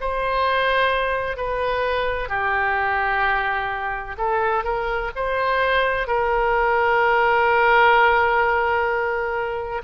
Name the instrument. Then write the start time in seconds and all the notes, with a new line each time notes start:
oboe
0.00 C5
1.37 B4
2.28 G4
4.18 A4
4.64 A#4
5.15 C5
6.07 A#4